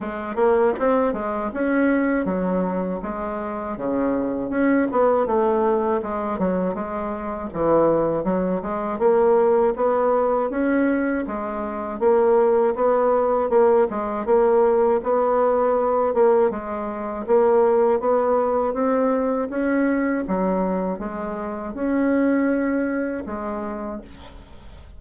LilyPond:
\new Staff \with { instrumentName = "bassoon" } { \time 4/4 \tempo 4 = 80 gis8 ais8 c'8 gis8 cis'4 fis4 | gis4 cis4 cis'8 b8 a4 | gis8 fis8 gis4 e4 fis8 gis8 | ais4 b4 cis'4 gis4 |
ais4 b4 ais8 gis8 ais4 | b4. ais8 gis4 ais4 | b4 c'4 cis'4 fis4 | gis4 cis'2 gis4 | }